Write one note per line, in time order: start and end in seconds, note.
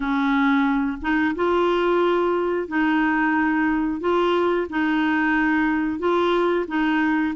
0.00 0.97 C#4
1.01 1.35 D#4
1.35 2.68 F4
2.68 4.00 D#4
4.00 4.67 F4
4.69 5.98 D#4
5.98 6.65 F4
6.67 7.34 D#4